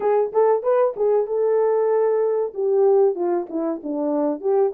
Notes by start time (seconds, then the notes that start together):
0.00 G#4
0.32 A4
0.62 B4
0.96 G#4
1.27 A4
2.53 G4
3.15 F4
3.49 E4
3.83 D4
4.40 G4